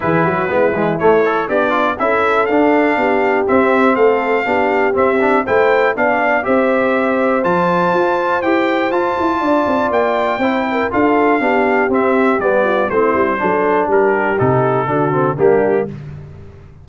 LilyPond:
<<
  \new Staff \with { instrumentName = "trumpet" } { \time 4/4 \tempo 4 = 121 b'2 cis''4 d''4 | e''4 f''2 e''4 | f''2 e''4 g''4 | f''4 e''2 a''4~ |
a''4 g''4 a''2 | g''2 f''2 | e''4 d''4 c''2 | ais'4 a'2 g'4 | }
  \new Staff \with { instrumentName = "horn" } { \time 4/4 gis'8 fis'8 e'2 d'4 | a'2 g'2 | a'4 g'2 c''4 | d''4 c''2.~ |
c''2. d''4~ | d''4 c''8 ais'8 a'4 g'4~ | g'4. f'8 e'4 a'4 | g'2 fis'4 d'4 | }
  \new Staff \with { instrumentName = "trombone" } { \time 4/4 e'4 b8 gis8 a8 a'8 g'8 f'8 | e'4 d'2 c'4~ | c'4 d'4 c'8 d'8 e'4 | d'4 g'2 f'4~ |
f'4 g'4 f'2~ | f'4 e'4 f'4 d'4 | c'4 b4 c'4 d'4~ | d'4 dis'4 d'8 c'8 ais4 | }
  \new Staff \with { instrumentName = "tuba" } { \time 4/4 e8 fis8 gis8 e8 a4 b4 | cis'4 d'4 b4 c'4 | a4 b4 c'4 a4 | b4 c'2 f4 |
f'4 e'4 f'8 e'8 d'8 c'8 | ais4 c'4 d'4 b4 | c'4 g4 a8 g8 fis4 | g4 c4 d4 g4 | }
>>